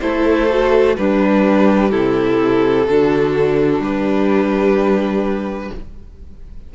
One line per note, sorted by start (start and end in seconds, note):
0.00 0.97 A3
0.00 0.48 E4
0.00 0.97 A4
0.00 0.95 C5
0.49 0.96 F#4
0.96 1.92 G3
0.96 1.91 D4
0.96 2.88 G4
0.96 1.90 B4
1.90 2.87 C3
1.90 2.86 E4
1.90 3.81 A4
2.87 3.79 D3
2.87 5.74 D4
2.87 3.83 F#4
3.79 5.70 G3
3.79 5.73 G4
3.79 5.73 B4